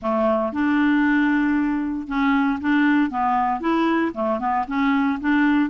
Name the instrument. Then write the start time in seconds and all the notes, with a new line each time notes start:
clarinet
0.01 A3
0.52 D4
2.07 C#4
2.61 D4
3.10 B3
3.60 E4
4.14 A3
4.39 B3
4.67 C#4
5.20 D4